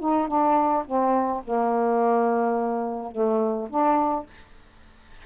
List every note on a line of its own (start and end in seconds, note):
0.00 0.28 D#4
0.28 0.84 D4
0.86 1.43 C4
1.44 3.12 A#3
3.12 3.69 A3
3.70 4.26 D4